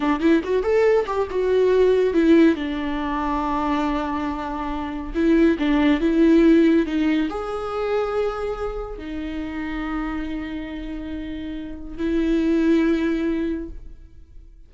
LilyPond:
\new Staff \with { instrumentName = "viola" } { \time 4/4 \tempo 4 = 140 d'8 e'8 fis'8 a'4 g'8 fis'4~ | fis'4 e'4 d'2~ | d'1 | e'4 d'4 e'2 |
dis'4 gis'2.~ | gis'4 dis'2.~ | dis'1 | e'1 | }